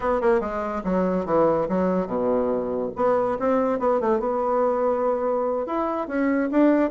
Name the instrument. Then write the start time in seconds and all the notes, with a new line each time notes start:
bassoon
0.00 B3
0.21 A#3
0.40 G#3
0.84 F#3
1.25 E3
1.69 F#3
2.06 B2
2.96 B3
3.39 C4
3.79 B3
4.00 A3
4.19 B3
5.66 E4
6.07 C#4
6.51 D4